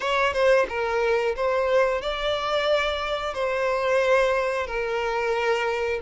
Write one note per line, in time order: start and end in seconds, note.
0.00 0.33 C#5
0.33 0.66 C5
0.68 1.35 A#4
1.35 2.01 C5
2.01 3.33 D5
3.33 4.66 C5
4.66 6.00 A#4